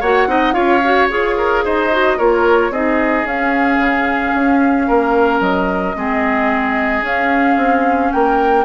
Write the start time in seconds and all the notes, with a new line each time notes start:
0.00 A#3 F#4 C#5 F#5
0.27 C4 D#4 D#5
0.52 C#4 F4 C#5 F5
0.83 F#4
1.09 F4 G#4 C#5
1.37 A#4
1.64 D#4 C5 D#5
1.91 F#4
2.17 A#3 F4 A#4 C#5
2.70 C4 D#4 G#4 D#5
3.24 C#4 F5
3.77 C#3
4.34 C#4
4.87 A#3 A#4
5.40 F#3 D#5
5.95 G#3 C4 G#4
7.01 C#4 F5
7.56 C4
8.12 A#3 A#4 G5